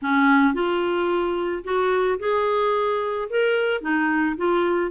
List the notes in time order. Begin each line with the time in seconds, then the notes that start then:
0.02 C#4
0.54 F4
1.64 F#4
2.19 G#4
3.29 A#4
3.81 D#4
4.36 F4